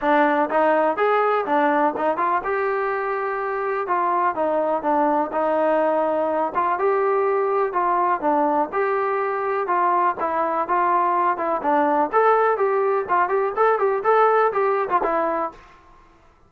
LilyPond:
\new Staff \with { instrumentName = "trombone" } { \time 4/4 \tempo 4 = 124 d'4 dis'4 gis'4 d'4 | dis'8 f'8 g'2. | f'4 dis'4 d'4 dis'4~ | dis'4. f'8 g'2 |
f'4 d'4 g'2 | f'4 e'4 f'4. e'8 | d'4 a'4 g'4 f'8 g'8 | a'8 g'8 a'4 g'8. f'16 e'4 | }